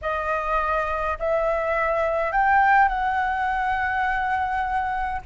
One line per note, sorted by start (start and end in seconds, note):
0.01 1.18 D#5
1.19 2.32 E5
2.32 2.88 G5
2.88 5.21 F#5